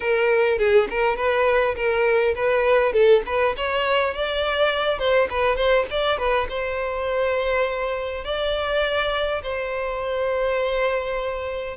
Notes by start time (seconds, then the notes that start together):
0.00 A#4
0.58 G#4
0.90 A#4
1.16 B4
1.75 A#4
2.35 B4
2.93 A4
3.26 B4
3.56 C#5
4.14 D5
4.98 C5
5.29 B4
5.56 C5
5.90 D5
6.17 B4
6.49 C5
8.24 D5
9.43 C5